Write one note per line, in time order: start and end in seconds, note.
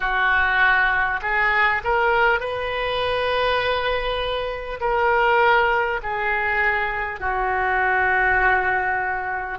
0.00 1.20 F#4
1.22 1.82 G#4
1.83 2.40 A#4
2.40 4.80 B4
4.80 6.00 A#4
6.03 7.19 G#4
7.19 9.58 F#4